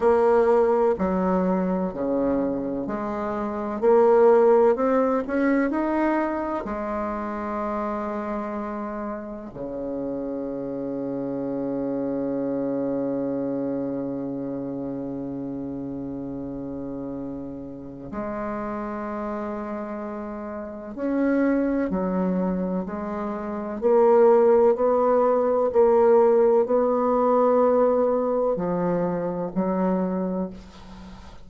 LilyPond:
\new Staff \with { instrumentName = "bassoon" } { \time 4/4 \tempo 4 = 63 ais4 fis4 cis4 gis4 | ais4 c'8 cis'8 dis'4 gis4~ | gis2 cis2~ | cis1~ |
cis2. gis4~ | gis2 cis'4 fis4 | gis4 ais4 b4 ais4 | b2 f4 fis4 | }